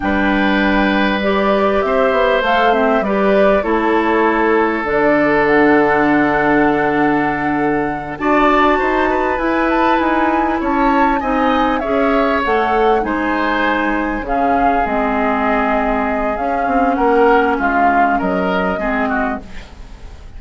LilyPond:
<<
  \new Staff \with { instrumentName = "flute" } { \time 4/4 \tempo 4 = 99 g''2 d''4 e''4 | f''8 e''8 d''4 cis''2 | d''4 fis''2.~ | fis''4. a''2 gis''8 |
a''8 gis''4 a''4 gis''4 e''8~ | e''8 fis''4 gis''2 f''8~ | f''8 dis''2~ dis''8 f''4 | fis''4 f''4 dis''2 | }
  \new Staff \with { instrumentName = "oboe" } { \time 4/4 b'2. c''4~ | c''4 b'4 a'2~ | a'1~ | a'4. d''4 c''8 b'4~ |
b'4. cis''4 dis''4 cis''8~ | cis''4. c''2 gis'8~ | gis'1 | ais'4 f'4 ais'4 gis'8 fis'8 | }
  \new Staff \with { instrumentName = "clarinet" } { \time 4/4 d'2 g'2 | a'8 c'8 g'4 e'2 | d'1~ | d'4. fis'2 e'8~ |
e'2~ e'8 dis'4 gis'8~ | gis'8 a'4 dis'2 cis'8~ | cis'8 c'2~ c'8 cis'4~ | cis'2. c'4 | }
  \new Staff \with { instrumentName = "bassoon" } { \time 4/4 g2. c'8 b8 | a4 g4 a2 | d1~ | d4. d'4 dis'4 e'8~ |
e'8 dis'4 cis'4 c'4 cis'8~ | cis'8 a4 gis2 cis8~ | cis8 gis2~ gis8 cis'8 c'8 | ais4 gis4 fis4 gis4 | }
>>